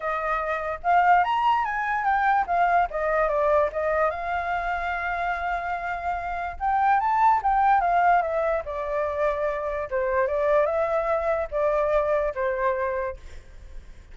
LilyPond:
\new Staff \with { instrumentName = "flute" } { \time 4/4 \tempo 4 = 146 dis''2 f''4 ais''4 | gis''4 g''4 f''4 dis''4 | d''4 dis''4 f''2~ | f''1 |
g''4 a''4 g''4 f''4 | e''4 d''2. | c''4 d''4 e''2 | d''2 c''2 | }